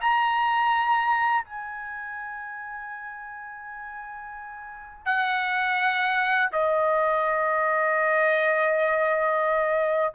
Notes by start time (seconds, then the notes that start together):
0.00 A#5
1.44 G#5
5.05 F#5
6.52 D#5